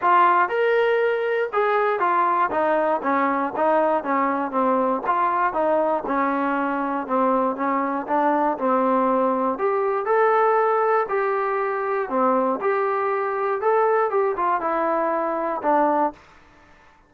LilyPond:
\new Staff \with { instrumentName = "trombone" } { \time 4/4 \tempo 4 = 119 f'4 ais'2 gis'4 | f'4 dis'4 cis'4 dis'4 | cis'4 c'4 f'4 dis'4 | cis'2 c'4 cis'4 |
d'4 c'2 g'4 | a'2 g'2 | c'4 g'2 a'4 | g'8 f'8 e'2 d'4 | }